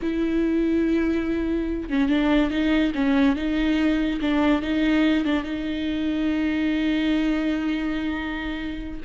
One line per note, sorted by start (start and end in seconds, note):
0.02 1.89 E4
1.89 2.08 C#4
2.08 2.50 D4
2.50 2.92 D#4
2.94 3.36 C#4
3.36 4.20 D#4
4.21 4.62 D4
4.62 5.24 D#4
5.24 5.43 D4
5.43 9.00 D#4